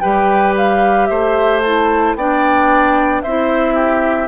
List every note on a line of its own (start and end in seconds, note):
0.00 1.10 G3
0.00 1.63 G4
0.00 1.09 B4
0.00 0.54 G5
0.57 1.06 F5
1.06 2.15 A3
1.06 2.17 C5
1.06 1.60 E5
1.62 2.17 E4
1.62 2.16 A5
2.15 3.22 B3
2.15 3.25 D4
2.15 3.23 D5
2.15 3.22 G5
3.22 4.27 C4
3.22 4.27 E4
3.22 3.74 C5
3.22 4.27 E5
3.74 4.27 G4